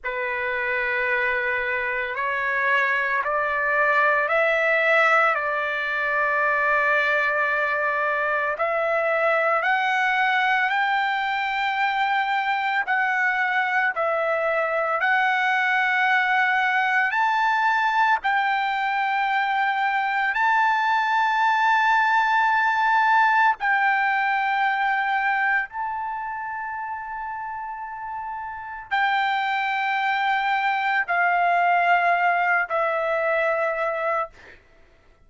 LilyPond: \new Staff \with { instrumentName = "trumpet" } { \time 4/4 \tempo 4 = 56 b'2 cis''4 d''4 | e''4 d''2. | e''4 fis''4 g''2 | fis''4 e''4 fis''2 |
a''4 g''2 a''4~ | a''2 g''2 | a''2. g''4~ | g''4 f''4. e''4. | }